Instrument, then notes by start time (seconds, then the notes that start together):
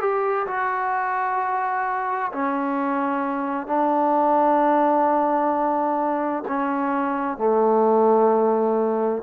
trombone
0.00 G4
0.47 F#4
2.32 C#4
3.67 D4
6.48 C#4
7.38 A3